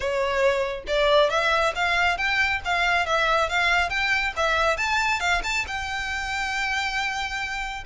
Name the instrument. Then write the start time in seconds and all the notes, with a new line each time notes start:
violin
0.00 C#5
0.87 D5
1.30 E5
1.75 F5
2.17 G5
2.64 F5
3.06 E5
3.49 F5
3.89 G5
4.36 E5
4.77 A5
5.20 F5
5.43 A5
5.67 G5